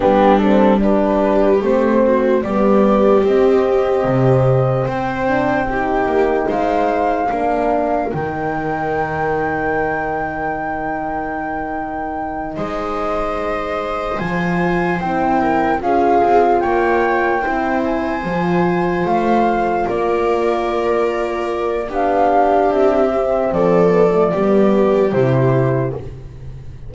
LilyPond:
<<
  \new Staff \with { instrumentName = "flute" } { \time 4/4 \tempo 4 = 74 g'8 a'8 b'4 c''4 d''4 | dis''2 g''2 | f''2 g''2~ | g''2.~ g''8 dis''8~ |
dis''4. gis''4 g''4 f''8~ | f''8 g''4. gis''4. f''8~ | f''8 d''2~ d''8 f''4 | e''4 d''2 c''4 | }
  \new Staff \with { instrumentName = "viola" } { \time 4/4 d'4 g'4. fis'8 g'4~ | g'2 c''4 g'4 | c''4 ais'2.~ | ais'2.~ ais'8 c''8~ |
c''2. ais'8 gis'8~ | gis'8 cis''4 c''2~ c''8~ | c''8 ais'2~ ais'8 g'4~ | g'4 a'4 g'2 | }
  \new Staff \with { instrumentName = "horn" } { \time 4/4 b8 c'8 d'4 c'4 b4 | c'2~ c'8 d'8 dis'4~ | dis'4 d'4 dis'2~ | dis'1~ |
dis'4. f'4 e'4 f'8~ | f'4. e'4 f'4.~ | f'2. d'4~ | d'8 c'4 b16 a16 b4 e'4 | }
  \new Staff \with { instrumentName = "double bass" } { \time 4/4 g2 a4 g4 | c'4 c4 c'4. ais8 | gis4 ais4 dis2~ | dis2.~ dis8 gis8~ |
gis4. f4 c'4 cis'8 | c'8 ais4 c'4 f4 a8~ | a8 ais2~ ais8 b4 | c'4 f4 g4 c4 | }
>>